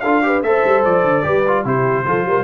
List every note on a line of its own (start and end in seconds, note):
0.00 0.42 D4
0.00 0.22 F4
0.00 0.23 A4
0.00 0.41 F5
0.22 0.43 G4
0.22 0.45 B4
0.42 0.62 A3
0.42 1.22 A4
0.42 1.24 C5
0.42 0.83 E5
0.64 0.84 G3
0.84 1.03 F3
0.84 1.65 D5
1.03 1.23 D3
1.22 1.64 G3
1.22 1.43 G4
1.22 1.64 B4
1.47 1.65 F4
1.64 2.05 C3
1.64 2.05 E4
1.64 2.06 G4
1.64 2.44 C5
2.05 2.24 F3
2.05 2.44 F4
2.05 2.26 A4
2.24 2.44 G3
2.24 2.44 A#4